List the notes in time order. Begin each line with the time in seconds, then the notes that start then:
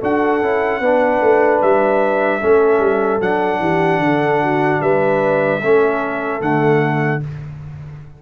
0.00 D4 F#4 A4 F#5
0.41 C#4 E4
0.80 B3 D4 B4
1.21 A3
1.61 G3 E5
2.40 A3 C#4 A4
2.79 G3
3.20 F#3 D4 F#5
3.59 E3 G4
3.99 D3 A4
4.42 F#4
4.81 G3 B4 E5
5.62 A3 C#4 A4
6.40 D3 A3 F#5